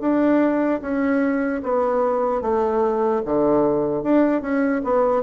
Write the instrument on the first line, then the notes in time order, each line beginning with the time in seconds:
bassoon
0.00 D4
0.81 C#4
1.63 B3
2.41 A3
3.25 D3
4.03 D4
4.41 C#4
4.84 B3